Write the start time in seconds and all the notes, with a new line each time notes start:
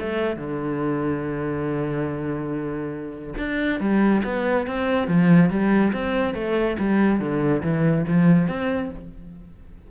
0.00 A3
0.37 D3
3.38 D4
3.80 G3
4.24 B3
4.67 C4
5.08 F3
5.50 G3
5.93 C4
6.34 A3
6.79 G3
7.20 D3
7.63 E3
8.08 F3
8.48 C4